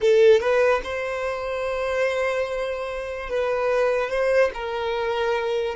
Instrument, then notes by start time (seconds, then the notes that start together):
violin
0.00 A4
0.40 B4
0.83 C5
3.29 B4
4.09 C5
4.54 A#4